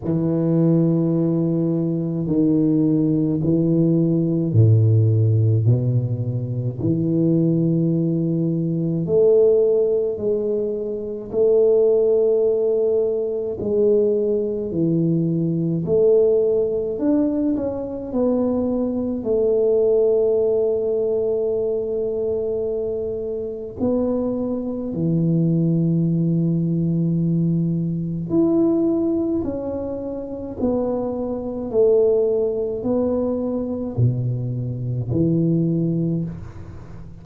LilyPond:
\new Staff \with { instrumentName = "tuba" } { \time 4/4 \tempo 4 = 53 e2 dis4 e4 | a,4 b,4 e2 | a4 gis4 a2 | gis4 e4 a4 d'8 cis'8 |
b4 a2.~ | a4 b4 e2~ | e4 e'4 cis'4 b4 | a4 b4 b,4 e4 | }